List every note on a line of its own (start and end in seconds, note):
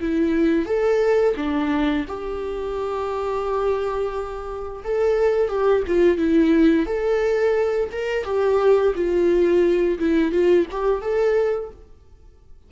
0.00 0.66 E4
0.66 1.34 A4
1.36 2.05 D4
2.08 4.83 G4
4.84 5.49 A4
5.49 5.83 G4
5.87 6.17 F4
6.17 6.86 E4
6.86 7.90 A4
7.92 8.24 A#4
8.24 8.93 G4
8.95 9.98 F4
9.99 10.32 E4
10.32 10.66 F4
10.71 11.01 G4
11.01 11.70 A4